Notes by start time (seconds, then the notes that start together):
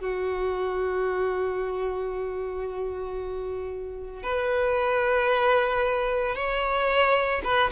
0.00 F#4
4.23 B4
6.35 C#5
7.44 B4